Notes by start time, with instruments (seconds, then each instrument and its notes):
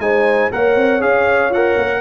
0.00 tuba G#3, trombone D#4, horn C5, trumpet G#5
0.52 tuba A#3, trombone A#4, horn C#5, trumpet F#5
0.77 tuba C4
1.01 tuba C#4, trombone G#4, trumpet F5
1.51 tuba F4, trombone A#4, trumpet F#5
1.77 tuba A#3